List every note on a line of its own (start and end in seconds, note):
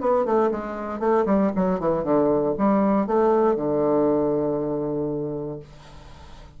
0.00 0.25 B3
0.25 0.50 A3
0.51 0.99 G#3
0.99 1.25 A3
1.25 1.51 G3
1.55 1.79 F#3
1.79 2.03 E3
2.03 2.54 D3
2.58 3.06 G3
3.06 3.56 A3
3.56 5.59 D3